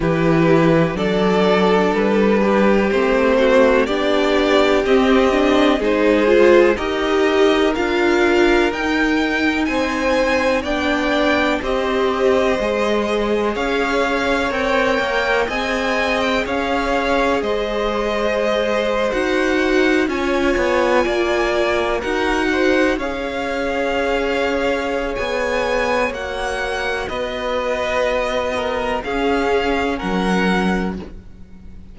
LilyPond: <<
  \new Staff \with { instrumentName = "violin" } { \time 4/4 \tempo 4 = 62 b'4 d''4 b'4 c''4 | d''4 dis''4 c''4 dis''4 | f''4 g''4 gis''4 g''4 | dis''2 f''4 g''4 |
gis''8. g''16 f''4 dis''4.~ dis''16 fis''16~ | fis''8. gis''2 fis''4 f''16~ | f''2 gis''4 fis''4 | dis''2 f''4 fis''4 | }
  \new Staff \with { instrumentName = "violin" } { \time 4/4 g'4 a'4. g'4 fis'8 | g'2 gis'4 ais'4~ | ais'2 c''4 d''4 | c''2 cis''2 |
dis''4 cis''4 c''2~ | c''8. cis''4 d''4 ais'8 c''8 cis''16~ | cis''1 | b'4. ais'8 gis'4 ais'4 | }
  \new Staff \with { instrumentName = "viola" } { \time 4/4 e'4 d'2 c'4 | d'4 c'8 d'8 dis'8 f'8 g'4 | f'4 dis'2 d'4 | g'4 gis'2 ais'4 |
gis'2.~ gis'8. fis'16~ | fis'8. f'2 fis'4 gis'16~ | gis'2. fis'4~ | fis'2 cis'2 | }
  \new Staff \with { instrumentName = "cello" } { \time 4/4 e4 fis4 g4 a4 | b4 c'4 gis4 dis'4 | d'4 dis'4 c'4 b4 | c'4 gis4 cis'4 c'8 ais8 |
c'4 cis'4 gis4.~ gis16 dis'16~ | dis'8. cis'8 b8 ais4 dis'4 cis'16~ | cis'2 b4 ais4 | b2 cis'4 fis4 | }
>>